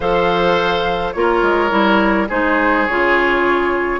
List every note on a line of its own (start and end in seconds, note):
0.00 1.14 F3
0.00 1.15 A4
0.00 1.13 C5
0.00 1.12 F5
1.12 1.42 A#3
1.12 1.70 F4
1.12 2.28 A#4
1.12 2.26 C#5
1.42 1.70 G#3
1.70 2.28 G3
1.70 2.27 E4
2.28 2.87 G#3
2.28 2.87 D#4
2.28 3.99 G#4
2.28 2.86 C5
2.86 3.99 C#3
2.86 3.99 F4
2.86 3.99 C#5